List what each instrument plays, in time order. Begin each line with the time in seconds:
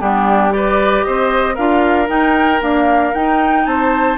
0.00 bassoon G3, clarinet B3, oboe D4, flute G4
0.50 clarinet G4, oboe B4, flute D5
1.03 bassoon C4, oboe C5, flute D#5
1.54 bassoon D4, clarinet F4, oboe A#4, flute F5
2.06 clarinet D#4, bassoon D#4, flute G5
2.61 clarinet A#3, bassoon D4, flute F5
3.14 clarinet D#4, bassoon D#4, flute G5
3.66 bassoon C4, oboe C5, flute A5